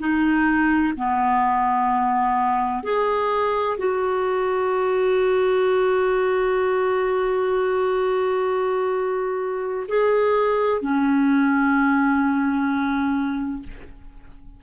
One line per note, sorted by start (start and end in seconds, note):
0.00 0.94 D#4
0.97 2.84 B3
2.84 3.78 G#4
3.78 9.88 F#4
9.89 10.82 G#4
10.82 13.63 C#4